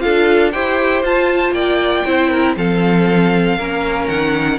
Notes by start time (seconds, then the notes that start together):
0.00 D4 F4 A4 F5
0.52 E4 G4 C5 G5
1.03 F4 A5
1.51 A#3 D5 G5
2.05 C4 E4 C5
2.30 A#4
2.57 F3 C4 A4 F5
3.58 A#3 C#4 A#4
4.09 D#3 F#5